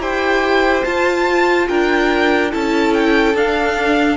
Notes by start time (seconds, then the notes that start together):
0.00 E4 G4 C5 G5
0.85 F4 A5
1.69 D4 A#4 G5
2.52 C#4 E4 A4 A5
2.94 G5
3.35 D4 F5